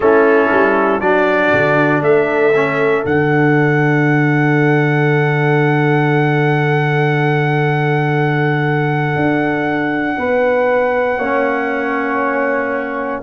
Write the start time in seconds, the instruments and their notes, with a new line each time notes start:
0.00 tuba A3, trombone C#4, horn E4, trumpet A4
0.51 tuba G3
1.00 tuba F#3, trombone D4, horn F#4, trumpet D5
1.52 tuba D3
2.01 tuba A3, horn A4, trumpet E5
2.55 trombone C#4
3.05 tuba D3, trombone D4, trumpet F#5
9.15 tuba D4
10.17 tuba B3, horn B4
11.18 tuba A#3, trombone C#4, horn C#5